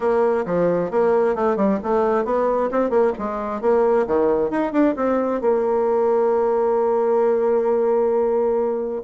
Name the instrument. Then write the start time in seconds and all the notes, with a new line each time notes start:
bassoon
0.00 A#3
0.45 F3
0.90 A#3
1.35 A3
1.56 G3
1.83 A3
2.24 B3
2.71 C4
2.90 A#3
3.18 G#3
3.61 A#3
4.06 D#3
4.50 D#4
4.72 D4
4.96 C4
5.41 A#3